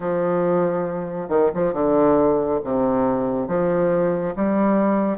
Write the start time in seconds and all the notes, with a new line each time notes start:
0.00 F3
1.28 D#3
1.54 F3
1.73 D3
2.63 C3
3.47 F3
4.36 G3